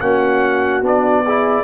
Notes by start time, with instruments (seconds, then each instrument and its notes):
0.00 tuba A#3, trombone C#4, horn F#4, trumpet F#5
0.81 tuba B3, trombone D4, trumpet D5
1.24 trombone E4, horn G#4